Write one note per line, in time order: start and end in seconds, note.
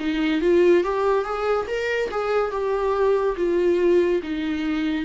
0.00 0.41 D#4
0.41 0.84 F4
0.84 1.25 G4
1.25 1.67 G#4
1.67 2.10 A#4
2.11 2.52 G#4
2.52 3.36 G4
3.37 4.22 F4
4.23 5.06 D#4